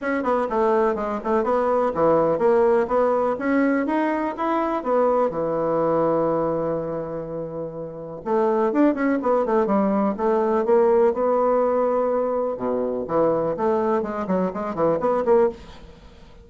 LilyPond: \new Staff \with { instrumentName = "bassoon" } { \time 4/4 \tempo 4 = 124 cis'8 b8 a4 gis8 a8 b4 | e4 ais4 b4 cis'4 | dis'4 e'4 b4 e4~ | e1~ |
e4 a4 d'8 cis'8 b8 a8 | g4 a4 ais4 b4~ | b2 b,4 e4 | a4 gis8 fis8 gis8 e8 b8 ais8 | }